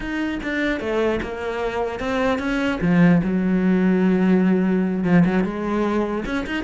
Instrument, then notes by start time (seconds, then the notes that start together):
cello
0.00 D#4
0.42 D4
0.80 A3
1.22 A#3
1.99 C4
2.38 C#4
2.81 F3
3.23 F#3
5.03 F3
5.25 F#3
5.43 G#3
6.25 C#4
6.46 D#4